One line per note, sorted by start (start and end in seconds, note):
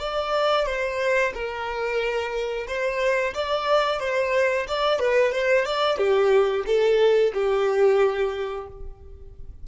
0.00 0.67 D5
0.67 1.34 C5
1.34 2.68 A#4
2.68 3.35 C5
3.35 4.01 D5
4.01 4.67 C5
4.68 5.00 D5
5.00 5.32 B4
5.32 5.66 C5
5.66 5.98 D5
5.98 6.65 G4
6.67 7.33 A4
7.35 8.68 G4